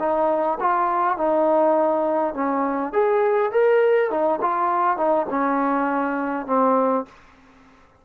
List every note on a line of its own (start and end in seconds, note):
0.00 0.59 D#4
0.60 1.18 F4
1.18 2.34 D#4
2.34 2.93 C#4
2.93 3.52 G#4
3.52 4.11 A#4
4.11 4.40 D#4
4.41 4.98 F4
4.98 5.27 D#4
5.30 6.47 C#4
6.47 7.05 C4